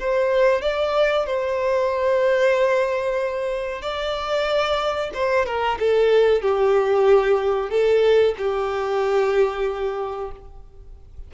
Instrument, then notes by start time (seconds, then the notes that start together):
violin
0.00 C5
0.62 D5
1.26 C5
3.82 D5
5.14 C5
5.46 A#4
5.79 A4
6.42 G4
7.70 A4
8.38 G4